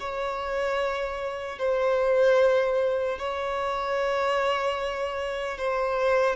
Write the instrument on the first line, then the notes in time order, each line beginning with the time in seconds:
violin
0.00 C#5
1.59 C5
3.19 C#5
5.58 C5